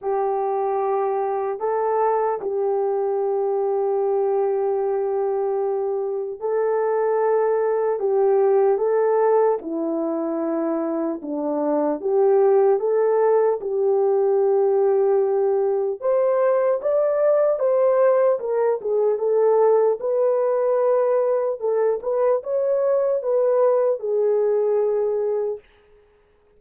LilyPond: \new Staff \with { instrumentName = "horn" } { \time 4/4 \tempo 4 = 75 g'2 a'4 g'4~ | g'1 | a'2 g'4 a'4 | e'2 d'4 g'4 |
a'4 g'2. | c''4 d''4 c''4 ais'8 gis'8 | a'4 b'2 a'8 b'8 | cis''4 b'4 gis'2 | }